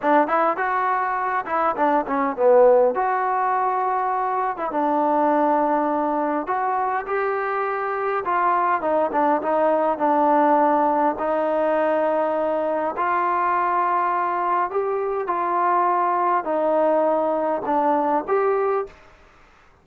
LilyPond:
\new Staff \with { instrumentName = "trombone" } { \time 4/4 \tempo 4 = 102 d'8 e'8 fis'4. e'8 d'8 cis'8 | b4 fis'2~ fis'8. e'16 | d'2. fis'4 | g'2 f'4 dis'8 d'8 |
dis'4 d'2 dis'4~ | dis'2 f'2~ | f'4 g'4 f'2 | dis'2 d'4 g'4 | }